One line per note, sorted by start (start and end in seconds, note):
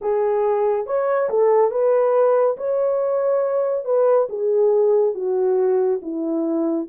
0.01 0.86 G#4
0.86 1.29 C#5
1.29 1.71 A4
1.71 2.56 B4
2.57 3.84 C#5
3.84 4.27 B4
4.29 5.14 G#4
5.14 6.00 F#4
6.02 6.87 E4